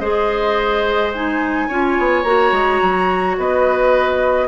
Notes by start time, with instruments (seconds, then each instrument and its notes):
0.00 bassoon G#3, clarinet G#4, oboe C5, flute D#5
1.14 clarinet D#4, flute G#5
1.69 bassoon C#4, clarinet F4, oboe C#5
2.00 bassoon B3
2.24 bassoon A#3, clarinet F#4, flute A#5
2.52 bassoon G#3
2.82 bassoon F#3
3.38 bassoon B3, oboe B4, flute D#5